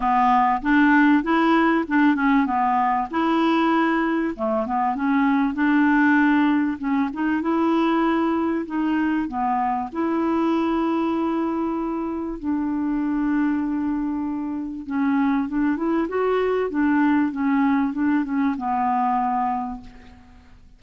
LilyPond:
\new Staff \with { instrumentName = "clarinet" } { \time 4/4 \tempo 4 = 97 b4 d'4 e'4 d'8 cis'8 | b4 e'2 a8 b8 | cis'4 d'2 cis'8 dis'8 | e'2 dis'4 b4 |
e'1 | d'1 | cis'4 d'8 e'8 fis'4 d'4 | cis'4 d'8 cis'8 b2 | }